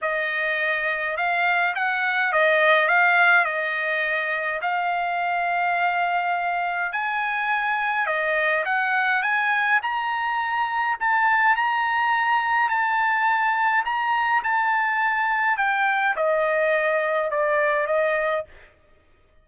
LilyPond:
\new Staff \with { instrumentName = "trumpet" } { \time 4/4 \tempo 4 = 104 dis''2 f''4 fis''4 | dis''4 f''4 dis''2 | f''1 | gis''2 dis''4 fis''4 |
gis''4 ais''2 a''4 | ais''2 a''2 | ais''4 a''2 g''4 | dis''2 d''4 dis''4 | }